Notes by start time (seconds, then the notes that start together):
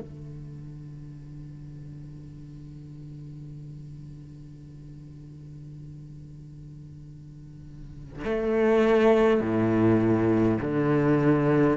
0.00 D3
8.25 A3
9.41 A2
10.61 D3